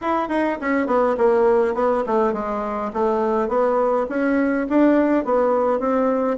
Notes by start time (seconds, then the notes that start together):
0.01 E4
0.28 D#4
0.60 C#4
0.87 B3
1.17 A#3
1.74 B3
2.06 A3
2.33 G#3
2.93 A3
3.48 B3
4.09 C#4
4.69 D4
5.24 B3
5.79 C4